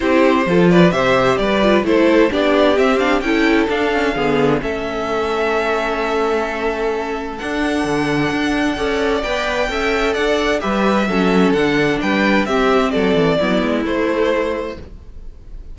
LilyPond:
<<
  \new Staff \with { instrumentName = "violin" } { \time 4/4 \tempo 4 = 130 c''4. d''8 e''4 d''4 | c''4 d''4 e''8 f''8 g''4 | f''2 e''2~ | e''1 |
fis''1 | g''2 fis''4 e''4~ | e''4 fis''4 g''4 e''4 | d''2 c''2 | }
  \new Staff \with { instrumentName = "violin" } { \time 4/4 g'4 a'8 b'8 c''4 b'4 | a'4 g'2 a'4~ | a'4 gis'4 a'2~ | a'1~ |
a'2. d''4~ | d''4 e''4 d''4 b'4 | a'2 b'4 g'4 | a'4 e'2. | }
  \new Staff \with { instrumentName = "viola" } { \time 4/4 e'4 f'4 g'4. f'8 | e'4 d'4 c'8 d'8 e'4 | d'8 cis'8 b4 cis'2~ | cis'1 |
d'2. a'4 | b'4 a'2 g'4 | cis'4 d'2 c'4~ | c'4 b4 a2 | }
  \new Staff \with { instrumentName = "cello" } { \time 4/4 c'4 f4 c4 g4 | a4 b4 c'4 cis'4 | d'4 d4 a2~ | a1 |
d'4 d4 d'4 cis'4 | b4 cis'4 d'4 g4 | fis4 d4 g4 c'4 | fis8 e8 fis8 gis8 a2 | }
>>